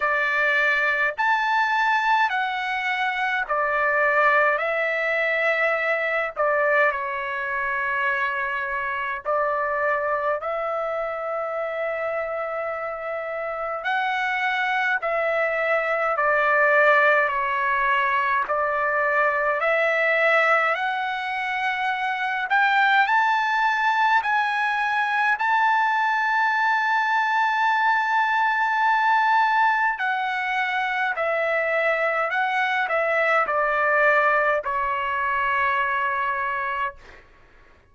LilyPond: \new Staff \with { instrumentName = "trumpet" } { \time 4/4 \tempo 4 = 52 d''4 a''4 fis''4 d''4 | e''4. d''8 cis''2 | d''4 e''2. | fis''4 e''4 d''4 cis''4 |
d''4 e''4 fis''4. g''8 | a''4 gis''4 a''2~ | a''2 fis''4 e''4 | fis''8 e''8 d''4 cis''2 | }